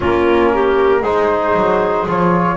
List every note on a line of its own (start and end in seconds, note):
0.00 1.02 A#3
0.00 1.03 C#4
0.00 0.51 F4
0.00 1.04 A#4
0.53 1.01 G4
1.01 1.54 G#3
1.01 2.07 D#4
1.01 2.56 G#4
1.01 2.07 C5
1.55 2.06 F#3
2.07 2.56 F3
2.07 2.56 F4
2.07 2.56 C#5